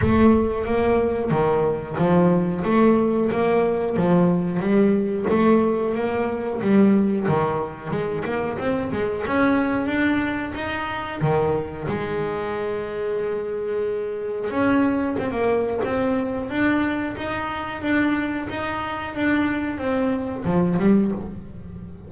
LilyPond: \new Staff \with { instrumentName = "double bass" } { \time 4/4 \tempo 4 = 91 a4 ais4 dis4 f4 | a4 ais4 f4 g4 | a4 ais4 g4 dis4 | gis8 ais8 c'8 gis8 cis'4 d'4 |
dis'4 dis4 gis2~ | gis2 cis'4 c'16 ais8. | c'4 d'4 dis'4 d'4 | dis'4 d'4 c'4 f8 g8 | }